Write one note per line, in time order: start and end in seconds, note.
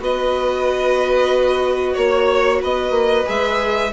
0.00 1.96 B3
0.00 3.25 F#4
0.00 1.94 B4
0.00 1.97 D#5
1.94 2.62 A#3
1.94 2.59 C#5
1.94 2.62 C#5
2.62 2.91 B3
2.62 3.92 B4
2.62 3.29 D#5
2.91 3.23 A#3
3.25 3.93 G#3
3.25 3.90 G#4
3.25 3.93 E5